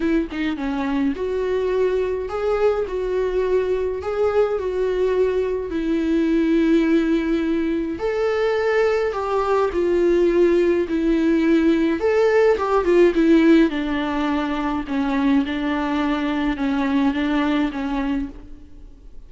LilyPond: \new Staff \with { instrumentName = "viola" } { \time 4/4 \tempo 4 = 105 e'8 dis'8 cis'4 fis'2 | gis'4 fis'2 gis'4 | fis'2 e'2~ | e'2 a'2 |
g'4 f'2 e'4~ | e'4 a'4 g'8 f'8 e'4 | d'2 cis'4 d'4~ | d'4 cis'4 d'4 cis'4 | }